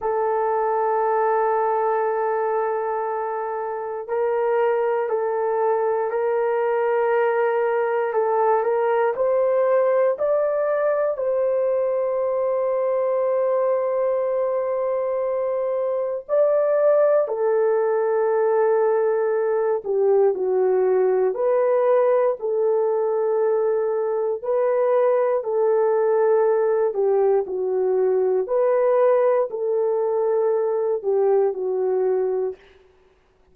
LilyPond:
\new Staff \with { instrumentName = "horn" } { \time 4/4 \tempo 4 = 59 a'1 | ais'4 a'4 ais'2 | a'8 ais'8 c''4 d''4 c''4~ | c''1 |
d''4 a'2~ a'8 g'8 | fis'4 b'4 a'2 | b'4 a'4. g'8 fis'4 | b'4 a'4. g'8 fis'4 | }